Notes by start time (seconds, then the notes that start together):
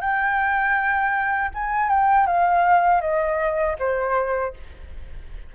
0.00 G5
1.54 G#5
1.89 G5
2.26 F5
3.01 D#5
3.78 C5